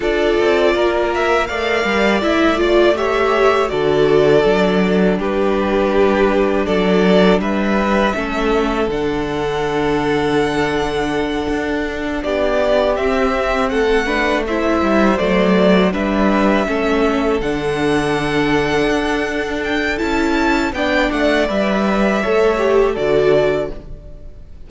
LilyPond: <<
  \new Staff \with { instrumentName = "violin" } { \time 4/4 \tempo 4 = 81 d''4. e''8 f''4 e''8 d''8 | e''4 d''2 b'4~ | b'4 d''4 e''2 | fis''1~ |
fis''8 d''4 e''4 fis''4 e''8~ | e''8 d''4 e''2 fis''8~ | fis''2~ fis''8 g''8 a''4 | g''8 fis''8 e''2 d''4 | }
  \new Staff \with { instrumentName = "violin" } { \time 4/4 a'4 ais'4 d''2 | cis''4 a'2 g'4~ | g'4 a'4 b'4 a'4~ | a'1~ |
a'8 g'2 a'8 b'8 c''8~ | c''4. b'4 a'4.~ | a'1 | d''2 cis''4 a'4 | }
  \new Staff \with { instrumentName = "viola" } { \time 4/4 f'2 ais'4 e'8 f'8 | g'4 fis'4 d'2~ | d'2. cis'4 | d'1~ |
d'4. c'4. d'8 e'8~ | e'8 a4 d'4 cis'4 d'8~ | d'2. e'4 | d'4 b'4 a'8 g'8 fis'4 | }
  \new Staff \with { instrumentName = "cello" } { \time 4/4 d'8 c'8 ais4 a8 g8 a4~ | a4 d4 fis4 g4~ | g4 fis4 g4 a4 | d2.~ d8 d'8~ |
d'8 b4 c'4 a4. | g8 fis4 g4 a4 d8~ | d4. d'4. cis'4 | b8 a8 g4 a4 d4 | }
>>